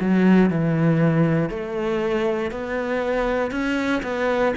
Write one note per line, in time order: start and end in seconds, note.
0.00 0.50 F#3
0.50 1.49 E3
1.49 2.51 A3
2.51 3.51 B3
3.51 4.02 C#4
4.03 4.53 B3